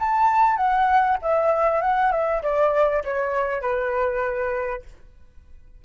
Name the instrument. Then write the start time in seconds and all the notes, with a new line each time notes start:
flute
0.00 A5
0.57 F#5
1.22 E5
1.82 F#5
2.12 E5
2.43 D5
3.04 C#5
3.62 B4